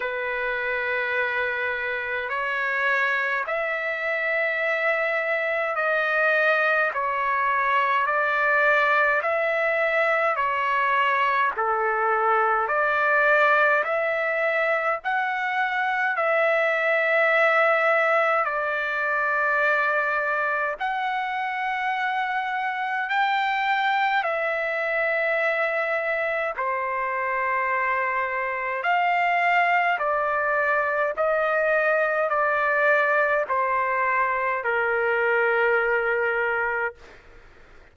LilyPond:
\new Staff \with { instrumentName = "trumpet" } { \time 4/4 \tempo 4 = 52 b'2 cis''4 e''4~ | e''4 dis''4 cis''4 d''4 | e''4 cis''4 a'4 d''4 | e''4 fis''4 e''2 |
d''2 fis''2 | g''4 e''2 c''4~ | c''4 f''4 d''4 dis''4 | d''4 c''4 ais'2 | }